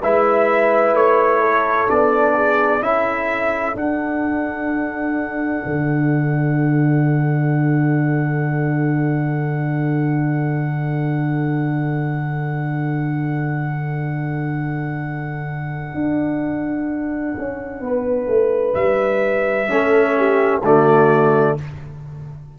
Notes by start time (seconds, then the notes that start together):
0.00 G#3 E4 B4 E5
0.93 A3 C#5
1.41 A4
1.88 B3 D4 D5
2.35 G#4
2.81 C#4 E4 A4 E5
3.74 D4 F#5
5.65 D3
15.94 D4
17.38 C#4
17.80 B3 B4
18.27 A3
18.74 G3 E5
19.68 A3 C#4 A4
20.17 G4
20.62 D3 A3 F#4 D5